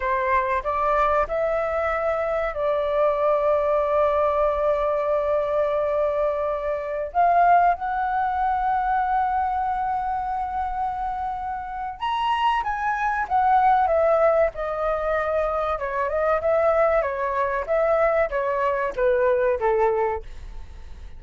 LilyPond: \new Staff \with { instrumentName = "flute" } { \time 4/4 \tempo 4 = 95 c''4 d''4 e''2 | d''1~ | d''2.~ d''16 f''8.~ | f''16 fis''2.~ fis''8.~ |
fis''2. ais''4 | gis''4 fis''4 e''4 dis''4~ | dis''4 cis''8 dis''8 e''4 cis''4 | e''4 cis''4 b'4 a'4 | }